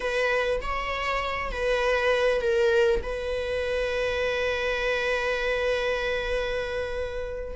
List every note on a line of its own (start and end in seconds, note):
0.00 0.60 B4
0.61 1.51 C#5
1.51 2.41 B4
2.41 3.01 A#4
3.02 7.56 B4